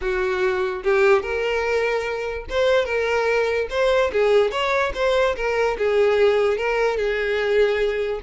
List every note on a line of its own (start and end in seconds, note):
0.01 0.83 F#4
0.83 1.22 G4
1.22 2.45 A#4
2.49 2.85 C5
2.85 3.67 A#4
3.70 4.11 C5
4.12 4.51 G#4
4.51 4.92 C#5
4.94 5.35 C5
5.36 5.77 A#4
5.78 6.57 G#4
6.57 6.97 A#4
6.97 8.20 G#4